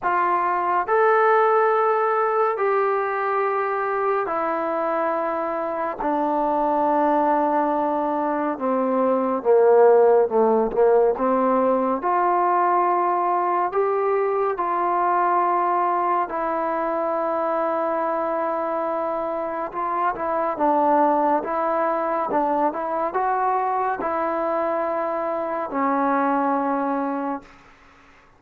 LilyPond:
\new Staff \with { instrumentName = "trombone" } { \time 4/4 \tempo 4 = 70 f'4 a'2 g'4~ | g'4 e'2 d'4~ | d'2 c'4 ais4 | a8 ais8 c'4 f'2 |
g'4 f'2 e'4~ | e'2. f'8 e'8 | d'4 e'4 d'8 e'8 fis'4 | e'2 cis'2 | }